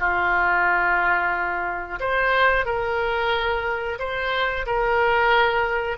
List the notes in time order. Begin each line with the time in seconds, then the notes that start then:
0.00 F4
2.00 C5
2.66 A#4
3.99 C5
4.67 A#4